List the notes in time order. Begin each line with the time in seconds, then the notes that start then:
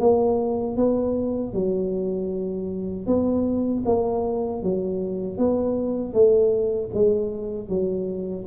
0.00 A#3
0.77 B3
1.53 F#3
3.07 B3
3.86 A#3
4.63 F#3
5.38 B3
6.13 A3
6.94 G#3
7.69 F#3